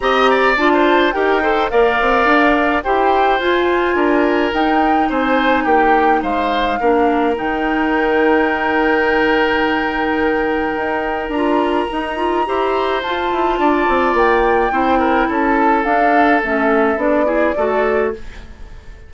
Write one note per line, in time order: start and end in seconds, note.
0.00 0.56 C4
0.00 0.57 G4
0.00 0.30 D#5
0.00 0.55 A#5
0.30 0.72 D5
0.56 1.13 D4
0.56 1.13 F4
0.56 1.12 A5
0.73 1.14 C5
1.12 1.71 D#4
1.12 1.41 G4
1.12 1.42 A#4
1.12 1.68 G5
1.42 1.70 A4
1.42 1.70 C5
1.69 2.00 A#3
1.69 2.83 A#4
1.69 2.84 D5
1.69 2.82 F5
2.00 2.25 C4
2.25 2.81 D4
2.83 3.39 E4
2.83 3.40 G4
2.83 3.95 C5
2.83 3.39 G5
3.39 3.95 F4
3.39 4.53 F4
3.39 4.52 G#5
3.95 4.51 D4
3.95 5.08 A#4
4.53 6.79 D#4
4.53 5.10 D#4
4.53 5.10 G5
5.09 5.65 C4
5.09 5.63 C5
5.09 5.65 G#5
5.63 6.21 A#3
5.63 6.20 G4
5.63 6.22 G5
6.22 6.79 G#3
6.22 6.79 C5
6.22 7.35 F5
6.80 7.37 A#3
6.80 7.35 D4
6.80 12.46 A#4
7.35 10.75 D#3
7.35 11.31 D#4
7.35 11.30 G5
10.75 11.28 D#4
11.28 11.85 D4
11.28 13.00 A#5
11.35 11.89 F4
11.89 12.16 D#4
11.89 12.48 D#4
12.16 12.44 F4
12.45 13.02 E4
12.45 13.02 G4
12.45 13.59 C5
13.02 13.31 F4
13.02 14.71 F4
13.02 14.15 A5
13.31 13.58 E4
13.58 13.86 D4
13.58 14.72 D5
13.88 14.13 C4
14.13 14.70 A#3
14.13 15.30 G5
14.71 15.27 C4
14.71 15.84 E4
14.71 14.99 C5
14.99 15.27 A#4
15.28 15.84 C#4
15.28 17.26 A4
15.28 15.83 A5
15.83 16.41 D4
15.83 16.42 D4
15.83 16.40 F5
16.43 16.96 A3
16.43 16.97 C#4
16.43 16.99 E5
16.96 17.53 B3
16.96 17.25 D4
16.96 18.12 D5
17.25 17.53 E4
17.25 17.54 G#4
17.56 18.13 A3
17.56 18.13 F#4
17.56 18.13 A4